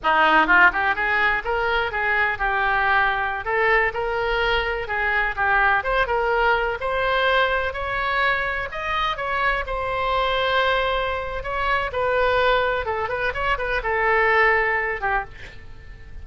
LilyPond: \new Staff \with { instrumentName = "oboe" } { \time 4/4 \tempo 4 = 126 dis'4 f'8 g'8 gis'4 ais'4 | gis'4 g'2~ g'16 a'8.~ | a'16 ais'2 gis'4 g'8.~ | g'16 c''8 ais'4. c''4.~ c''16~ |
c''16 cis''2 dis''4 cis''8.~ | cis''16 c''2.~ c''8. | cis''4 b'2 a'8 b'8 | cis''8 b'8 a'2~ a'8 g'8 | }